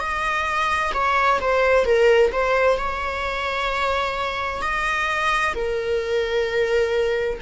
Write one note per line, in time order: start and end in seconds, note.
0.00 0.92 D#5
0.94 1.40 C#5
1.41 1.85 C5
1.85 2.31 A#4
2.32 2.77 C5
2.77 4.62 C#5
4.62 5.54 D#5
5.55 7.39 A#4